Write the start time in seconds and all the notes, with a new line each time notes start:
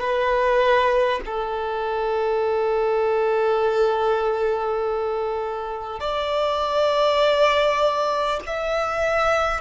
0.00 B4
1.26 A4
6.01 D5
8.47 E5